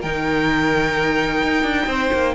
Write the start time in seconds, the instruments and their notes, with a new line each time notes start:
0.00 cello D#3, viola D#4, violin A#4 G5
1.43 cello D#4
1.63 cello D4
1.86 cello C4, violin C5
2.13 cello A#3